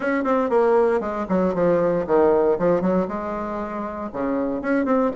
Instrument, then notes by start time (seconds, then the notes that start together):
bassoon
0.00 C#4
0.24 C4
0.49 A#3
1.00 G#3
1.28 F#3
1.54 F3
2.06 D#3
2.58 F3
2.81 F#3
3.07 G#3
4.12 C#3
4.61 C#4
4.85 C4